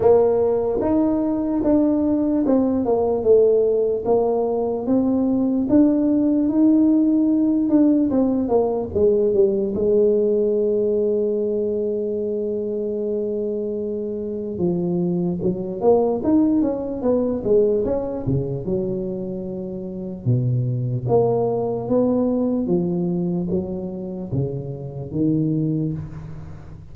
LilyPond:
\new Staff \with { instrumentName = "tuba" } { \time 4/4 \tempo 4 = 74 ais4 dis'4 d'4 c'8 ais8 | a4 ais4 c'4 d'4 | dis'4. d'8 c'8 ais8 gis8 g8 | gis1~ |
gis2 f4 fis8 ais8 | dis'8 cis'8 b8 gis8 cis'8 cis8 fis4~ | fis4 b,4 ais4 b4 | f4 fis4 cis4 dis4 | }